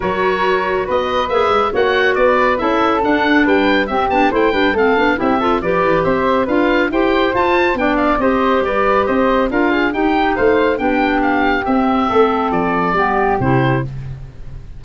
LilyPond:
<<
  \new Staff \with { instrumentName = "oboe" } { \time 4/4 \tempo 4 = 139 cis''2 dis''4 e''4 | fis''4 d''4 e''4 fis''4 | g''4 e''8 a''8 g''4 f''4 | e''4 d''4 e''4 f''4 |
g''4 a''4 g''8 f''8 dis''4 | d''4 dis''4 f''4 g''4 | f''4 g''4 f''4 e''4~ | e''4 d''2 c''4 | }
  \new Staff \with { instrumentName = "flute" } { \time 4/4 ais'2 b'2 | cis''4 b'4 a'2 | b'4 g'4 c''8 b'8 a'4 | g'8 a'8 b'4 c''4 b'4 |
c''2 d''4 c''4 | b'4 c''4 ais'8 gis'8 g'4 | c''4 g'2. | a'2 g'2 | }
  \new Staff \with { instrumentName = "clarinet" } { \time 4/4 fis'2. gis'4 | fis'2 e'4 d'4~ | d'4 c'8 d'8 e'8 d'8 c'8 d'8 | e'8 f'8 g'2 f'4 |
g'4 f'4 d'4 g'4~ | g'2 f'4 dis'4~ | dis'4 d'2 c'4~ | c'2 b4 e'4 | }
  \new Staff \with { instrumentName = "tuba" } { \time 4/4 fis2 b4 ais8 gis8 | ais4 b4 cis'4 d'4 | g4 c'8 b8 a8 g8 a8 b8 | c'4 f8 e8 c'4 d'4 |
e'4 f'4 b4 c'4 | g4 c'4 d'4 dis'4 | a4 b2 c'4 | a4 f4 g4 c4 | }
>>